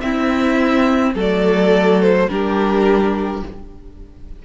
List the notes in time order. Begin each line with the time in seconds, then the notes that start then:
0.00 C4 E4 E5
1.14 F#3 A3 A4
1.20 D5
2.02 C5
2.29 G3 D4 G4 A#4